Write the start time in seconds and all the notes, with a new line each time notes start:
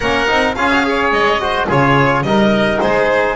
0.00 A#3 C#4 A#4 F#5
0.27 C4 D#4
0.54 C#4 F4 G#4 F5
0.71 F#4
0.84 G#4 C#5
1.11 G#3 D#5
1.39 F#4 C5
1.67 C#3 F4 G#4 C#5
2.22 G3 D#4 A#4 D#5
2.79 G#3 G#4 C5